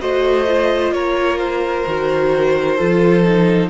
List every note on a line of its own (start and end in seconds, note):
0.00 0.92 A3
0.00 0.46 F#4
0.00 0.94 C5
0.00 0.92 D#5
0.47 1.86 F4
0.92 1.84 A#3
0.92 2.76 A#4
0.92 1.38 C#5
1.38 3.69 C5
1.86 2.79 D#3
1.86 2.78 F#4
2.76 3.70 F3
2.76 3.24 F4
2.76 3.68 A4
3.24 3.70 D#4